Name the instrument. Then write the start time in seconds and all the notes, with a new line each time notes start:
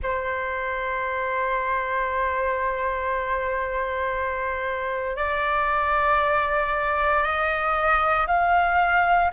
flute
0.02 C5
5.16 D5
7.23 D#5
8.27 F5